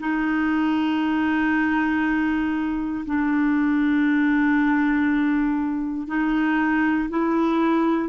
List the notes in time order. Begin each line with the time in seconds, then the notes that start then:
0.00 D#4
3.06 D4
6.07 D#4
7.10 E4